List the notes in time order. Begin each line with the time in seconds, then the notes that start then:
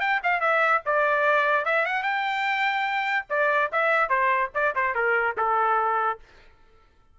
0.00 G5
0.23 F5
0.40 E5
0.86 D5
1.65 E5
1.85 F#5
2.03 G5
3.30 D5
3.72 E5
4.09 C5
4.54 D5
4.75 C5
4.95 A#4
5.37 A4